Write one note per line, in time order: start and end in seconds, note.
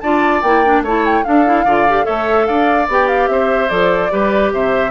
0.00 0.42 D4
0.00 0.44 F4
0.00 0.83 D5
0.00 0.41 A5
0.42 0.81 A#3
0.42 0.65 E4
0.42 0.82 G5
0.65 0.85 D4
0.81 1.22 A3
0.81 1.24 E4
0.81 1.24 C#5
0.81 1.05 A5
1.05 1.24 G5
1.24 1.45 D4
1.24 1.64 D4
1.24 1.65 A4
1.24 2.05 F5
1.45 1.66 E4
1.64 2.05 D3
1.64 1.87 F4
1.64 2.05 D5
1.88 2.04 G4
2.04 2.48 A3
2.04 2.85 A4
2.04 2.46 C#5
2.04 2.46 E5
2.46 2.88 D4
2.46 3.29 D5
2.46 2.86 F5
2.88 3.28 B3
2.88 3.68 G4
2.88 3.07 G5
3.07 3.28 F5
3.28 3.69 C4
3.28 4.12 C5
3.28 3.68 E5
3.68 4.11 F3
3.68 4.09 A4
3.68 4.50 D5
4.10 4.52 G3
4.10 4.90 G4
4.10 4.53 B4
4.52 4.90 C3
4.52 4.90 C5
4.52 4.90 E5